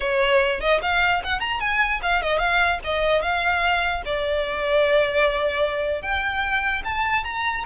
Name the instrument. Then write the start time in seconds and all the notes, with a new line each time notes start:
violin
0.00 C#5
0.60 D#5
0.82 F5
1.23 F#5
1.40 A#5
1.60 G#5
2.02 F5
2.21 D#5
2.38 F5
2.84 D#5
3.22 F5
4.05 D5
6.01 G5
6.84 A5
7.24 A#5